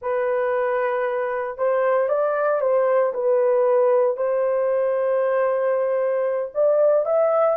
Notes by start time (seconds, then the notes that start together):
0.01 B4
1.57 C5
2.08 D5
2.60 C5
3.13 B4
4.16 C5
6.54 D5
7.05 E5